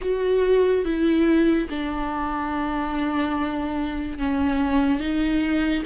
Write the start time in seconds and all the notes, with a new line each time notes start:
0.01 F#4
0.84 E4
1.69 D4
4.18 C#4
5.00 D#4